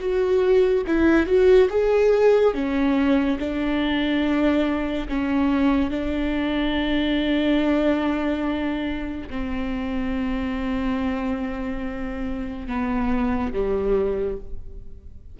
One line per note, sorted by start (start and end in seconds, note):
0.00 0.85 F#4
0.87 1.27 E4
1.27 1.69 F#4
1.70 2.54 G#4
2.54 3.39 C#4
3.40 5.09 D4
5.09 5.91 C#4
5.91 9.29 D4
9.30 12.68 C4
12.68 13.52 B3
13.53 14.38 G3